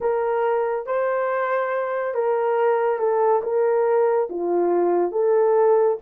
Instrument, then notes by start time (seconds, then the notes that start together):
horn
0.00 A#4
0.86 C5
2.14 A#4
2.98 A4
3.42 A#4
4.29 F4
5.11 A4